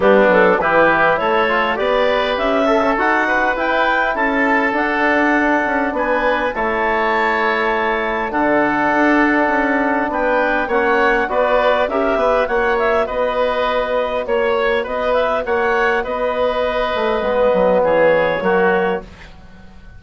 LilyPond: <<
  \new Staff \with { instrumentName = "clarinet" } { \time 4/4 \tempo 4 = 101 g'8 a'8 b'4 cis''4 d''4 | e''4 fis''4 g''4 a''4 | fis''2 gis''4 a''4~ | a''2 fis''2~ |
fis''4 g''4 fis''4 d''4 | e''4 fis''8 e''8 dis''2 | cis''4 dis''8 e''8 fis''4 dis''4~ | dis''2 cis''2 | }
  \new Staff \with { instrumentName = "oboe" } { \time 4/4 d'4 g'4 a'4 b'4~ | b'8 a'4 b'4. a'4~ | a'2 b'4 cis''4~ | cis''2 a'2~ |
a'4 b'4 cis''4 b'4 | ais'8 b'8 cis''4 b'2 | cis''4 b'4 cis''4 b'4~ | b'2 gis'4 fis'4 | }
  \new Staff \with { instrumentName = "trombone" } { \time 4/4 b4 e'4. f'8 g'4~ | g'8 a'16 cis'16 fis'4 e'2 | d'2. e'4~ | e'2 d'2~ |
d'2 cis'4 fis'4 | g'4 fis'2.~ | fis'1~ | fis'4 b2 ais4 | }
  \new Staff \with { instrumentName = "bassoon" } { \time 4/4 g8 fis8 e4 a4 b4 | cis'4 dis'4 e'4 cis'4 | d'4. cis'8 b4 a4~ | a2 d4 d'4 |
cis'4 b4 ais4 b4 | cis'8 b8 ais4 b2 | ais4 b4 ais4 b4~ | b8 a8 gis8 fis8 e4 fis4 | }
>>